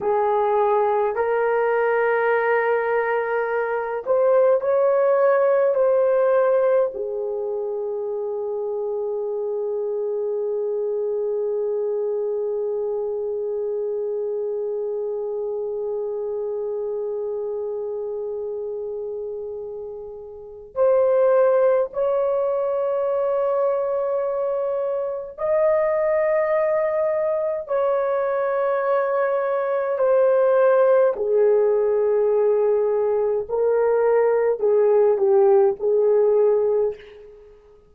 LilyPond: \new Staff \with { instrumentName = "horn" } { \time 4/4 \tempo 4 = 52 gis'4 ais'2~ ais'8 c''8 | cis''4 c''4 gis'2~ | gis'1~ | gis'1~ |
gis'2 c''4 cis''4~ | cis''2 dis''2 | cis''2 c''4 gis'4~ | gis'4 ais'4 gis'8 g'8 gis'4 | }